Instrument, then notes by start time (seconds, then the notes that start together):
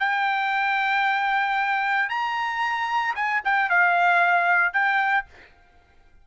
trumpet
0.00 G5
2.10 A#5
3.16 G#5
3.45 G5
3.70 F5
4.73 G5